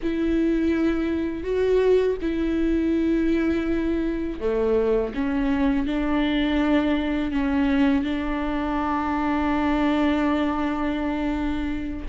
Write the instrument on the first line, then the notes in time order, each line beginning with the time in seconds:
viola
0.02 E4
1.43 F#4
2.21 E4
4.40 A3
5.14 C#4
5.86 D4
7.31 C#4
8.04 D4